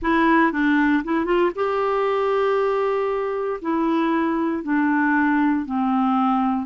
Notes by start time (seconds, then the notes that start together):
0.02 E4
0.52 D4
1.03 E4
1.25 F4
1.55 G4
3.61 E4
4.63 D4
5.65 C4